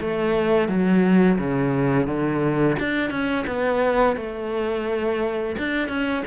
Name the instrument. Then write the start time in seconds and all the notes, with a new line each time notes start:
cello
0.00 A3
0.68 F#3
1.38 C#3
2.06 D3
2.79 D4
3.10 C#4
3.46 B3
4.16 A3
5.58 D4
5.88 C#4